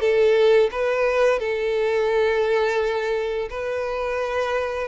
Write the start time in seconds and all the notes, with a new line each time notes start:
0.00 A4
0.71 B4
1.39 A4
3.50 B4